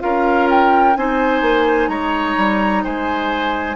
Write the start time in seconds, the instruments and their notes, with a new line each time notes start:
0.00 bassoon C#4, clarinet F4, oboe A#4, flute F5
0.50 flute G5
0.96 bassoon C4, clarinet D#4, oboe C5, flute G#5
1.41 bassoon A#3
1.88 bassoon G#3, oboe C#5, flute A#5
2.37 bassoon G3
2.84 bassoon G#3, oboe C5, flute G#5